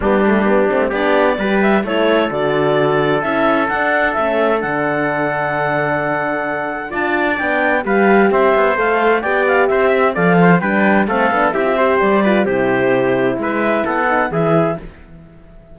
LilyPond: <<
  \new Staff \with { instrumentName = "clarinet" } { \time 4/4 \tempo 4 = 130 g'2 d''4. e''8 | cis''4 d''2 e''4 | fis''4 e''4 fis''2~ | fis''2. a''4 |
g''4 f''4 e''4 f''4 | g''8 f''8 e''4 f''4 g''4 | f''4 e''4 d''4 c''4~ | c''4 e''4 fis''4 e''4 | }
  \new Staff \with { instrumentName = "trumpet" } { \time 4/4 d'2 g'4 b'4 | a'1~ | a'1~ | a'2. d''4~ |
d''4 b'4 c''2 | d''4 c''8 e''8 d''8 c''8 b'4 | a'4 g'8 c''4 b'8 g'4~ | g'4 b'4 a'4 gis'4 | }
  \new Staff \with { instrumentName = "horn" } { \time 4/4 b8 a8 b8 c'8 d'4 g'4 | e'4 fis'2 e'4 | d'4 cis'4 d'2~ | d'2. f'4 |
d'4 g'2 a'4 | g'2 a'4 d'4 | c'8 d'8 e'16 f'16 g'4 f'8 e'4~ | e'2~ e'8 dis'8 e'4 | }
  \new Staff \with { instrumentName = "cello" } { \time 4/4 g4. a8 b4 g4 | a4 d2 cis'4 | d'4 a4 d2~ | d2. d'4 |
b4 g4 c'8 b8 a4 | b4 c'4 f4 g4 | a8 b8 c'4 g4 c4~ | c4 gis4 b4 e4 | }
>>